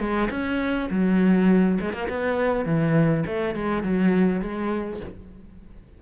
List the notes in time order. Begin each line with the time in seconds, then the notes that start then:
0.00 G#3
0.30 C#4
0.91 F#3
1.81 G#3
1.93 A#3
2.09 B3
2.66 E3
3.27 A3
3.55 G#3
3.83 F#3
4.42 G#3